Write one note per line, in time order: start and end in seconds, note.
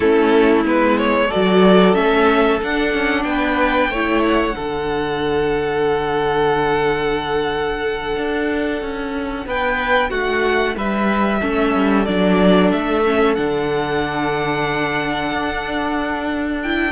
0.00 0.64 A3
0.00 0.65 C#4
0.00 1.27 E4
0.00 0.63 A4
0.64 1.29 G#3
0.64 1.30 B3
0.64 0.98 B4
0.98 1.30 C#5
1.27 1.93 F#4
1.27 3.23 A4
1.27 1.94 D5
1.35 1.96 F#3
1.93 2.61 A3
1.93 2.59 C#4
1.93 2.59 E5
2.61 3.92 D4
2.61 2.93 D4
2.61 3.23 F#5
2.93 3.24 C#4
3.23 3.89 B3
3.23 3.90 B4
3.23 4.21 G5
3.89 4.54 A3
3.89 4.52 E4
3.89 4.55 C#5
4.25 9.47 F#5
4.52 8.16 D3
4.52 11.37 D4
4.52 9.44 A4
8.16 8.81 D4
8.81 9.46 C#4
9.46 10.10 B3
9.46 10.10 B4
9.46 10.10 G5
10.10 10.76 A3
10.10 10.75 F#4
10.10 10.75 F#5
10.76 11.41 G3
10.76 11.40 B4
10.76 12.05 E5
11.40 11.74 A3
11.40 12.06 C#4
11.40 16.91 A4
11.74 12.07 G3
12.05 12.71 F#3
12.05 13.05 D4
12.05 12.70 D5
12.71 13.37 A3
12.71 13.34 E5
13.05 13.36 C#4
13.34 15.32 D3
13.34 16.62 D4
13.34 16.60 F#5
15.32 16.91 D4
16.62 16.91 E4
16.62 16.91 G5